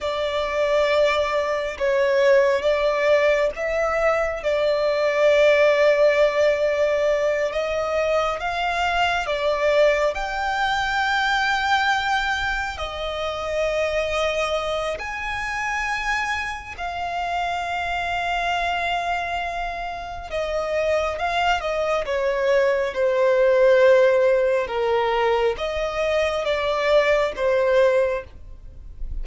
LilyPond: \new Staff \with { instrumentName = "violin" } { \time 4/4 \tempo 4 = 68 d''2 cis''4 d''4 | e''4 d''2.~ | d''8 dis''4 f''4 d''4 g''8~ | g''2~ g''8 dis''4.~ |
dis''4 gis''2 f''4~ | f''2. dis''4 | f''8 dis''8 cis''4 c''2 | ais'4 dis''4 d''4 c''4 | }